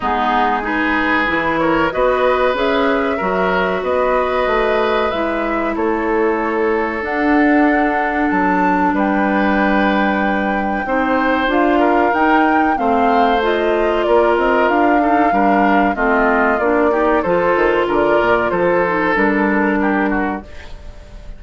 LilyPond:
<<
  \new Staff \with { instrumentName = "flute" } { \time 4/4 \tempo 4 = 94 gis'4 b'4. cis''8 dis''4 | e''2 dis''2 | e''4 cis''2 fis''4~ | fis''4 a''4 g''2~ |
g''2 f''4 g''4 | f''4 dis''4 d''8 dis''8 f''4~ | f''4 dis''4 d''4 c''4 | d''4 c''4 ais'2 | }
  \new Staff \with { instrumentName = "oboe" } { \time 4/4 dis'4 gis'4. ais'8 b'4~ | b'4 ais'4 b'2~ | b'4 a'2.~ | a'2 b'2~ |
b'4 c''4. ais'4. | c''2 ais'4. a'8 | ais'4 f'4. g'8 a'4 | ais'4 a'2 g'8 fis'8 | }
  \new Staff \with { instrumentName = "clarinet" } { \time 4/4 b4 dis'4 e'4 fis'4 | gis'4 fis'2. | e'2. d'4~ | d'1~ |
d'4 dis'4 f'4 dis'4 | c'4 f'2~ f'8 dis'8 | d'4 c'4 d'8 dis'8 f'4~ | f'4. dis'8 d'2 | }
  \new Staff \with { instrumentName = "bassoon" } { \time 4/4 gis2 e4 b4 | cis'4 fis4 b4 a4 | gis4 a2 d'4~ | d'4 fis4 g2~ |
g4 c'4 d'4 dis'4 | a2 ais8 c'8 d'4 | g4 a4 ais4 f8 dis8 | d8 ais,8 f4 g2 | }
>>